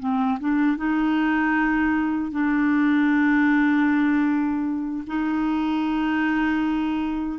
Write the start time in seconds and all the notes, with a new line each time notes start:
0.00 C4
0.40 D4
0.77 D#4
2.32 D4
5.08 D#4